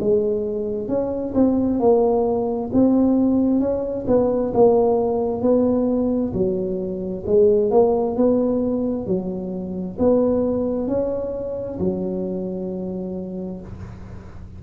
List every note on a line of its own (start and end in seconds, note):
0.00 0.88 G#3
0.88 1.33 C#4
1.34 1.79 C4
1.79 2.70 A#3
2.72 3.60 C4
3.60 4.05 C#4
4.07 4.52 B3
4.53 5.41 A#3
5.41 6.32 B3
6.33 7.24 F#3
7.26 7.71 G#3
7.71 8.16 A#3
8.16 9.06 B3
9.06 9.97 F#3
9.99 10.87 B3
10.87 11.78 C#4
11.79 13.61 F#3